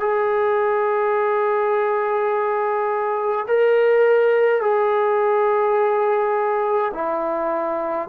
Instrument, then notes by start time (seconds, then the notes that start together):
trombone
0.00 G#4
3.47 A#4
4.61 G#4
6.93 E4